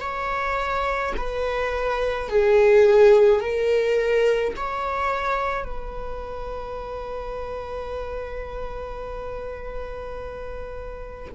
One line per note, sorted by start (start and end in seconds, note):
0.00 1.13 C#5
1.17 2.29 B4
2.29 3.40 G#4
3.40 4.53 A#4
4.56 5.64 C#5
5.64 11.31 B4